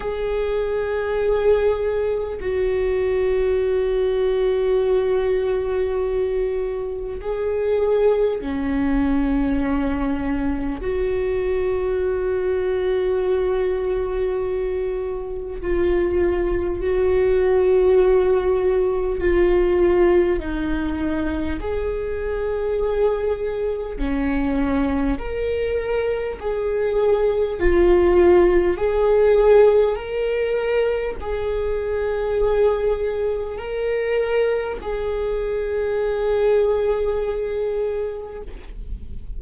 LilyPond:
\new Staff \with { instrumentName = "viola" } { \time 4/4 \tempo 4 = 50 gis'2 fis'2~ | fis'2 gis'4 cis'4~ | cis'4 fis'2.~ | fis'4 f'4 fis'2 |
f'4 dis'4 gis'2 | cis'4 ais'4 gis'4 f'4 | gis'4 ais'4 gis'2 | ais'4 gis'2. | }